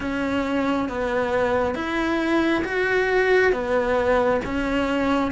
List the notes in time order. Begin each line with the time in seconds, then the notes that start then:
0.00 C#4
0.88 B3
1.74 E4
2.64 F#4
3.52 B3
4.44 C#4